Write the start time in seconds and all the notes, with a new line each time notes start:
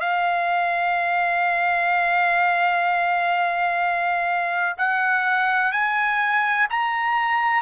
0.00 F5
4.78 F#5
5.72 G#5
6.71 A#5